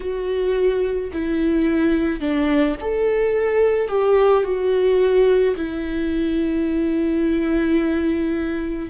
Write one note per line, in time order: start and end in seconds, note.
0.00 1.11 F#4
1.13 2.20 E4
2.20 2.76 D4
2.80 3.88 A4
3.88 4.43 G4
4.43 5.55 F#4
5.56 8.89 E4